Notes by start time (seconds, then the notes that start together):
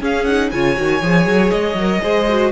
0.00 C#4 G#4 F5
0.25 D#4 F#5
0.51 C#3 F4 C#5 G#5
0.75 D#3 F#4
1.02 F3 G#4
1.26 F#3
1.50 G#3 D#5
1.74 F#3 A#4
2.01 G#3 G#4 C5
2.28 F#4